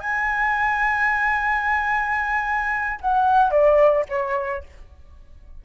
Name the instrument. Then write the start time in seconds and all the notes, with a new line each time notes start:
flute
0.00 G#5
3.01 F#5
3.51 D5
4.09 C#5